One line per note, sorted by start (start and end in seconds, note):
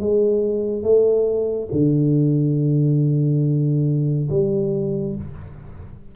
0.00 0.83 G#3
0.83 1.68 A3
1.72 4.29 D3
4.29 5.15 G3